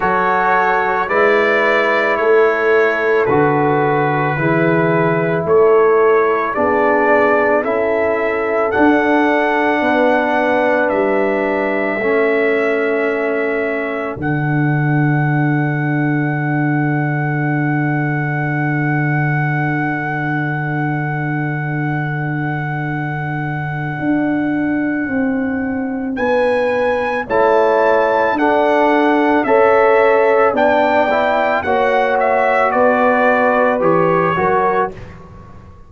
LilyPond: <<
  \new Staff \with { instrumentName = "trumpet" } { \time 4/4 \tempo 4 = 55 cis''4 d''4 cis''4 b'4~ | b'4 cis''4 d''4 e''4 | fis''2 e''2~ | e''4 fis''2.~ |
fis''1~ | fis''1 | gis''4 a''4 fis''4 e''4 | g''4 fis''8 e''8 d''4 cis''4 | }
  \new Staff \with { instrumentName = "horn" } { \time 4/4 a'4 b'4 a'2 | gis'4 a'4 gis'4 a'4~ | a'4 b'2 a'4~ | a'1~ |
a'1~ | a'1 | b'4 cis''4 a'4 cis''4 | d''4 cis''4 b'4. ais'8 | }
  \new Staff \with { instrumentName = "trombone" } { \time 4/4 fis'4 e'2 fis'4 | e'2 d'4 e'4 | d'2. cis'4~ | cis'4 d'2.~ |
d'1~ | d'1~ | d'4 e'4 d'4 a'4 | d'8 e'8 fis'2 g'8 fis'8 | }
  \new Staff \with { instrumentName = "tuba" } { \time 4/4 fis4 gis4 a4 d4 | e4 a4 b4 cis'4 | d'4 b4 g4 a4~ | a4 d2.~ |
d1~ | d2 d'4 c'4 | b4 a4 d'4 cis'4 | b4 ais4 b4 e8 fis8 | }
>>